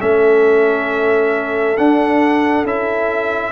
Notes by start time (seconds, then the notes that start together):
0.00 A3 C#4 A4 E5
1.77 D4 F#5
2.63 C#4 E4 E5